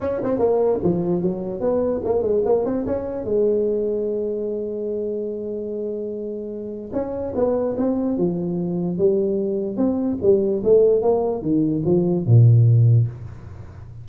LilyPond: \new Staff \with { instrumentName = "tuba" } { \time 4/4 \tempo 4 = 147 cis'8 c'8 ais4 f4 fis4 | b4 ais8 gis8 ais8 c'8 cis'4 | gis1~ | gis1~ |
gis4 cis'4 b4 c'4 | f2 g2 | c'4 g4 a4 ais4 | dis4 f4 ais,2 | }